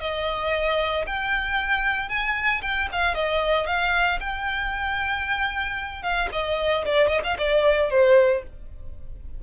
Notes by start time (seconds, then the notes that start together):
0.00 D#5
1.06 G5
2.09 G#5
2.62 G5
2.92 F5
3.15 D#5
3.66 F5
4.20 G5
6.02 F5
6.32 D#5
6.85 D5
7.07 D#5
7.24 F5
7.38 D5
7.90 C5